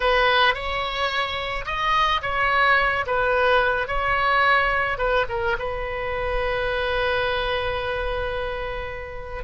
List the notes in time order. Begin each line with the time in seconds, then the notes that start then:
0.00 B4
0.54 C#5
1.65 D#5
2.22 C#5
3.06 B4
3.87 C#5
4.97 B4
5.29 A#4
5.58 B4